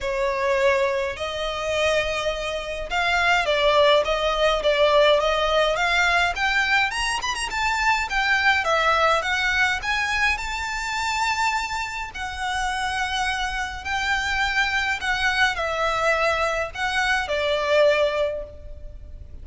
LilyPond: \new Staff \with { instrumentName = "violin" } { \time 4/4 \tempo 4 = 104 cis''2 dis''2~ | dis''4 f''4 d''4 dis''4 | d''4 dis''4 f''4 g''4 | ais''8 b''16 ais''16 a''4 g''4 e''4 |
fis''4 gis''4 a''2~ | a''4 fis''2. | g''2 fis''4 e''4~ | e''4 fis''4 d''2 | }